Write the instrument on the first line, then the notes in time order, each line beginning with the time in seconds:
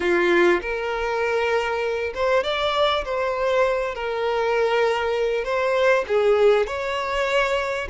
violin
0.00 F4
0.61 A#4
2.14 C5
2.43 D5
3.04 C5
3.94 A#4
5.44 C5
6.07 G#4
6.66 C#5